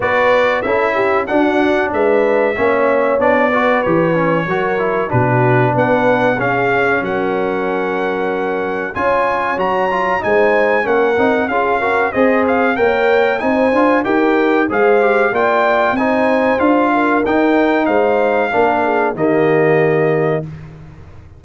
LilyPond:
<<
  \new Staff \with { instrumentName = "trumpet" } { \time 4/4 \tempo 4 = 94 d''4 e''4 fis''4 e''4~ | e''4 d''4 cis''2 | b'4 fis''4 f''4 fis''4~ | fis''2 gis''4 ais''4 |
gis''4 fis''4 f''4 dis''8 f''8 | g''4 gis''4 g''4 f''4 | g''4 gis''4 f''4 g''4 | f''2 dis''2 | }
  \new Staff \with { instrumentName = "horn" } { \time 4/4 b'4 a'8 g'8 fis'4 b'4 | cis''4. b'4. ais'4 | fis'4 b'4 gis'4 ais'4~ | ais'2 cis''2 |
c''4 ais'4 gis'8 ais'8 c''4 | cis''4 c''4 ais'4 c''4 | d''4 c''4. ais'4. | c''4 ais'8 gis'8 g'2 | }
  \new Staff \with { instrumentName = "trombone" } { \time 4/4 fis'4 e'4 d'2 | cis'4 d'8 fis'8 g'8 cis'8 fis'8 e'8 | d'2 cis'2~ | cis'2 f'4 fis'8 f'8 |
dis'4 cis'8 dis'8 f'8 fis'8 gis'4 | ais'4 dis'8 f'8 g'4 gis'8 g'8 | f'4 dis'4 f'4 dis'4~ | dis'4 d'4 ais2 | }
  \new Staff \with { instrumentName = "tuba" } { \time 4/4 b4 cis'4 d'4 gis4 | ais4 b4 e4 fis4 | b,4 b4 cis'4 fis4~ | fis2 cis'4 fis4 |
gis4 ais8 c'8 cis'4 c'4 | ais4 c'8 d'8 dis'4 gis4 | ais4 c'4 d'4 dis'4 | gis4 ais4 dis2 | }
>>